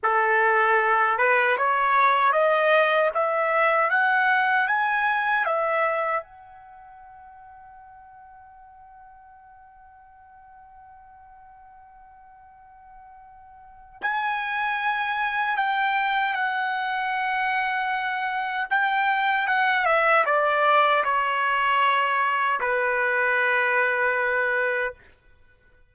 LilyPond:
\new Staff \with { instrumentName = "trumpet" } { \time 4/4 \tempo 4 = 77 a'4. b'8 cis''4 dis''4 | e''4 fis''4 gis''4 e''4 | fis''1~ | fis''1~ |
fis''2 gis''2 | g''4 fis''2. | g''4 fis''8 e''8 d''4 cis''4~ | cis''4 b'2. | }